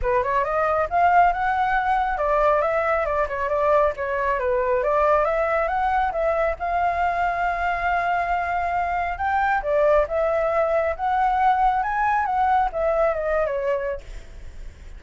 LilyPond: \new Staff \with { instrumentName = "flute" } { \time 4/4 \tempo 4 = 137 b'8 cis''8 dis''4 f''4 fis''4~ | fis''4 d''4 e''4 d''8 cis''8 | d''4 cis''4 b'4 d''4 | e''4 fis''4 e''4 f''4~ |
f''1~ | f''4 g''4 d''4 e''4~ | e''4 fis''2 gis''4 | fis''4 e''4 dis''8. cis''4~ cis''16 | }